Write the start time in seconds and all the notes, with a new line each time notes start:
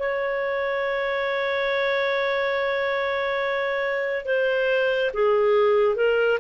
0.00 C#5
4.25 C5
5.14 G#4
5.96 A#4